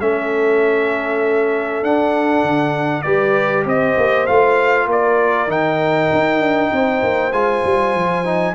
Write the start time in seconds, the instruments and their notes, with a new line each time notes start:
0.00 tuba A3, trombone C#4, horn A4, trumpet E5
1.83 tuba D4, trombone D4, trumpet F#5
2.44 tuba D3
3.02 tuba G3, trombone G4, horn B4, trumpet D5
3.66 tuba C4, horn C5, trumpet D#5
3.98 tuba A#3
4.27 tuba A3, trombone F4, trumpet F5
4.87 tuba A#3, horn A#4, trumpet D5
5.48 tuba D#3, trombone D#4, trumpet G5
6.13 tuba D#4
6.40 tuba D4
6.73 tuba C4, horn C5
7.04 tuba A#3
7.32 tuba G#3, trombone F4, trumpet G#5
7.65 tuba G3
7.95 tuba F3
8.25 trombone D#4